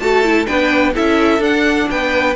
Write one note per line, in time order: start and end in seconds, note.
0.00 0.47 A3
0.00 0.24 F#4
0.00 0.46 A4
0.00 0.47 A5
0.24 0.46 E4
0.46 0.96 B3
0.46 0.93 D4
0.46 0.93 B4
0.46 0.93 G5
0.95 1.40 C#4
0.95 1.41 E4
0.95 1.88 A4
0.95 1.43 E5
1.40 1.86 D4
1.40 2.35 D4
1.40 1.90 F#5
1.91 2.36 B3
1.91 2.36 B4
1.91 2.36 G5